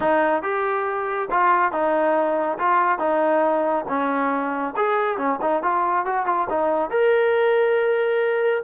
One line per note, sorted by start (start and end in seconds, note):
0.00 0.42 D#4
0.42 1.28 G4
1.30 1.71 F4
1.71 2.58 D#4
2.58 2.98 F4
2.98 3.85 D#4
3.88 4.74 C#4
4.76 5.17 G#4
5.17 5.39 C#4
5.41 5.63 D#4
5.63 6.05 F4
6.05 6.26 F#4
6.26 6.47 F4
6.49 6.90 D#4
6.90 8.63 A#4